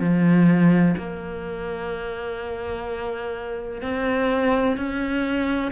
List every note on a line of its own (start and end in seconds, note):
0.00 0.95 F3
0.97 3.82 A#3
3.82 4.77 C4
4.77 5.72 C#4